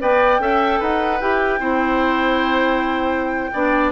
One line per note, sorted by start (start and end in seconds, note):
0.00 0.39 B3
0.00 0.40 B4
0.00 0.42 D5
0.00 0.83 G5
0.39 0.80 C#4
0.39 1.21 A4
0.39 0.80 E5
0.80 1.21 D#4
0.80 1.60 B4
0.80 1.21 F#5
1.21 1.60 E4
1.21 1.61 G4
1.21 3.93 G5
1.60 3.52 C4
1.60 3.52 E4
1.60 3.51 C5
3.54 3.93 B3
3.54 3.93 D4
3.54 3.93 D5